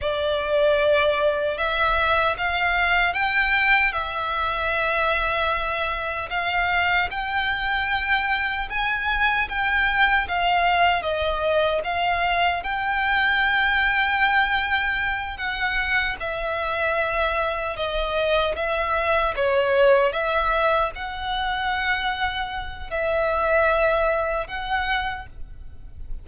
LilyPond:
\new Staff \with { instrumentName = "violin" } { \time 4/4 \tempo 4 = 76 d''2 e''4 f''4 | g''4 e''2. | f''4 g''2 gis''4 | g''4 f''4 dis''4 f''4 |
g''2.~ g''8 fis''8~ | fis''8 e''2 dis''4 e''8~ | e''8 cis''4 e''4 fis''4.~ | fis''4 e''2 fis''4 | }